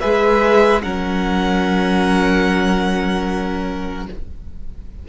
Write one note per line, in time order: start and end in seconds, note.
0.00 0.84 G#3
0.00 0.82 G#4
0.00 0.81 B4
0.00 0.81 E5
0.82 4.08 F#3
0.82 4.07 C#4
0.82 4.07 A#4
0.82 4.06 F#5